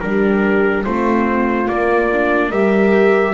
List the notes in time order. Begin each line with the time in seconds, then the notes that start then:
0.00 G3 D4 G4 A#4
0.84 A3 C4 F4 C5
1.66 A#3 D5
2.12 D4
2.49 G3 G4 A#4 E5